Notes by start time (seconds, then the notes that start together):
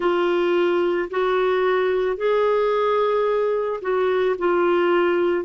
0.00 F4
1.10 F#4
2.16 G#4
3.81 F#4
4.38 F4